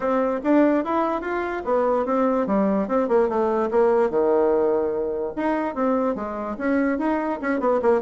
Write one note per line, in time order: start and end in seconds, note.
0.00 0.40 C4
0.43 0.84 D4
0.84 1.21 E4
1.21 1.62 F4
1.64 2.05 B3
2.05 2.46 C4
2.46 2.87 G3
2.87 3.08 C4
3.08 3.28 A#3
3.28 3.69 A3
3.70 4.10 A#3
4.10 5.33 D#3
5.36 5.74 D#4
5.74 6.15 C4
6.15 6.56 G#3
6.58 6.98 C#4
6.98 7.39 D#4
7.41 7.60 C#4
7.60 7.80 B3
7.82 8.01 A#3